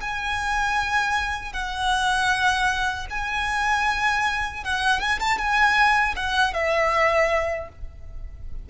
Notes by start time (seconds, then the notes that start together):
0.00 G#5
1.52 F#5
3.10 G#5
4.64 F#5
5.00 G#5
5.20 A5
5.37 G#5
6.16 F#5
6.53 E5